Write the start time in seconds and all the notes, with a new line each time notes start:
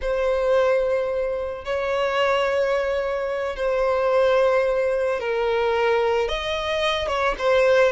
0.01 C5
1.65 C#5
3.56 C5
5.19 A#4
6.28 D#5
7.07 C#5
7.38 C5